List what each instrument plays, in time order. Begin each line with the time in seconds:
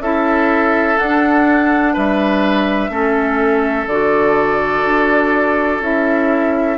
0.00 bassoon C#4, clarinet E4, oboe A4, flute E5
0.98 clarinet D4, bassoon D4, flute F#5
1.94 bassoon G3, oboe B4, flute E5
2.90 bassoon A3, clarinet C#4, oboe A4
3.87 bassoon D3, clarinet F#4, flute D5
4.85 bassoon D4
5.81 bassoon C#4, clarinet E4, flute E5